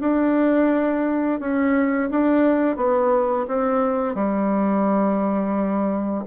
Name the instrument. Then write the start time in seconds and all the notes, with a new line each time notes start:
bassoon
0.00 D4
1.40 C#4
2.10 D4
2.76 B3
3.47 C4
4.14 G3